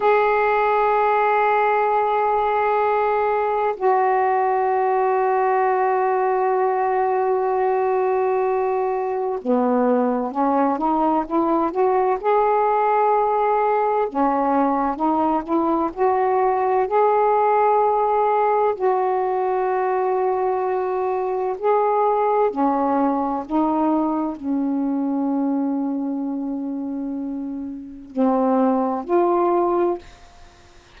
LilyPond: \new Staff \with { instrumentName = "saxophone" } { \time 4/4 \tempo 4 = 64 gis'1 | fis'1~ | fis'2 b4 cis'8 dis'8 | e'8 fis'8 gis'2 cis'4 |
dis'8 e'8 fis'4 gis'2 | fis'2. gis'4 | cis'4 dis'4 cis'2~ | cis'2 c'4 f'4 | }